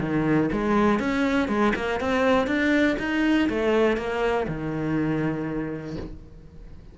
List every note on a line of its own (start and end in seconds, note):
0.00 0.50 D#3
0.52 0.99 G#3
0.99 1.48 C#4
1.48 1.73 G#3
1.75 2.00 A#3
2.00 2.47 C4
2.47 2.96 D4
2.99 3.48 D#4
3.49 3.97 A3
3.97 4.47 A#3
4.48 5.96 D#3